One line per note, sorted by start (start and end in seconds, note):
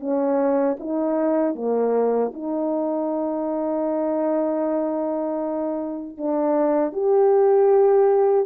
0.00 0.77 C#4
0.80 1.55 D#4
1.55 2.32 A#3
2.34 6.17 D#4
6.17 6.93 D4
6.93 8.46 G4